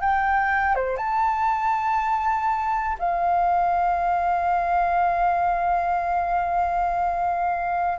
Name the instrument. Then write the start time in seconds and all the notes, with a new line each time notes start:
flute
0.00 G5
0.75 C5
0.97 A5
2.99 F5